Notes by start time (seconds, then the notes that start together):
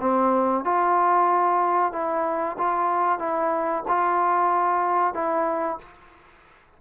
0.00 C4
0.64 F4
1.92 E4
2.58 F4
3.19 E4
3.88 F4
5.14 E4